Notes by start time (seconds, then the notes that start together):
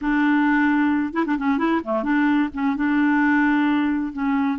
0.01 D4
1.13 E4
1.26 D4
1.37 C#4
1.58 E4
1.84 A3
2.03 D4
2.53 C#4
2.76 D4
4.13 C#4